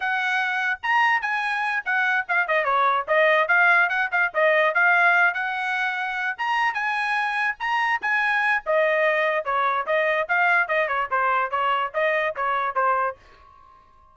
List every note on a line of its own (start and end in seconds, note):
0.00 0.79 F#5
0.82 1.21 A#5
1.21 1.83 G#5
1.85 2.26 F#5
2.28 2.47 F5
2.47 2.64 D#5
2.64 3.05 C#5
3.07 3.48 D#5
3.48 3.89 F5
3.89 4.09 F#5
4.11 4.32 F5
4.34 4.74 D#5
4.74 5.33 F5
5.33 6.36 F#5
6.37 6.73 A#5
6.73 7.56 G#5
7.59 8.00 A#5
8.01 8.63 G#5
8.65 9.44 D#5
9.44 9.86 C#5
9.86 10.27 D#5
10.28 10.68 F5
10.68 10.87 D#5
10.87 11.08 C#5
11.10 11.50 C5
11.50 11.91 C#5
11.93 12.35 D#5
12.36 12.75 C#5
12.75 13.16 C5